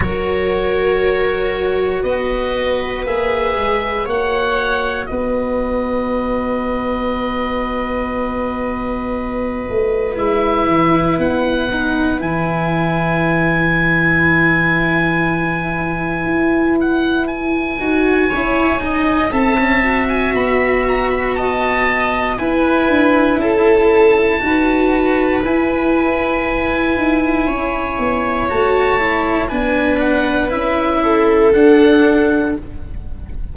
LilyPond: <<
  \new Staff \with { instrumentName = "oboe" } { \time 4/4 \tempo 4 = 59 cis''2 dis''4 e''4 | fis''4 dis''2.~ | dis''2 e''4 fis''4 | gis''1~ |
gis''8 fis''8 gis''2 a''8. gis''16 | b''8 ais''16 b''16 a''4 gis''4 a''4~ | a''4 gis''2. | a''4 gis''8 fis''8 e''4 fis''4 | }
  \new Staff \with { instrumentName = "viola" } { \time 4/4 ais'2 b'2 | cis''4 b'2.~ | b'1~ | b'1~ |
b'2 cis''8 dis''8 e''4~ | e''4 dis''4 b'4 a'4 | b'2. cis''4~ | cis''4 b'4. a'4. | }
  \new Staff \with { instrumentName = "cello" } { \time 4/4 fis'2. gis'4 | fis'1~ | fis'2 e'4. dis'8 | e'1~ |
e'4. fis'8 e'8 dis'8 a'16 cis'16 fis'8~ | fis'2 e'2 | fis'4 e'2. | fis'8 e'8 d'4 e'4 d'4 | }
  \new Staff \with { instrumentName = "tuba" } { \time 4/4 fis2 b4 ais8 gis8 | ais4 b2.~ | b4. a8 gis8 e8 b4 | e1 |
e'4. dis'8 cis'4 c'4 | b2 e'8 d'8 cis'4 | dis'4 e'4. dis'8 cis'8 b8 | a4 b4 cis'4 d'4 | }
>>